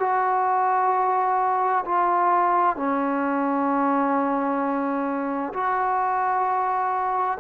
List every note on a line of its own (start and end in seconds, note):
0.00 1.85 F#4
1.85 2.77 F4
2.77 5.53 C#4
5.54 7.38 F#4